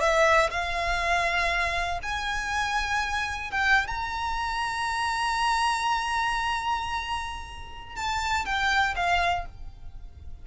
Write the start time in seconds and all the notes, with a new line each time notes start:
0.00 E5
0.50 F5
2.03 G#5
3.51 G5
3.87 A#5
7.96 A5
8.45 G5
8.96 F5